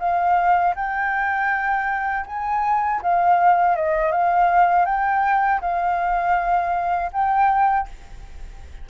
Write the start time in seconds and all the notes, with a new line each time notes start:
0.00 F5
0.76 G5
2.27 G#5
3.03 F5
3.76 D#5
4.12 F5
4.86 G5
5.61 F5
7.13 G5